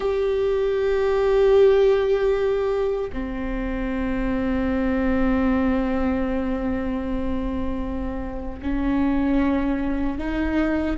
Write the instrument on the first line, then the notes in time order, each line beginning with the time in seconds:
viola
0.00 G4
3.12 C4
8.62 C#4
10.18 D#4